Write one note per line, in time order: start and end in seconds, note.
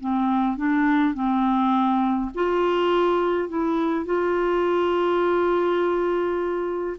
0.00 0.57 C4
0.57 1.14 D4
1.14 2.30 C4
2.34 3.48 F4
3.48 4.05 E4
4.05 6.97 F4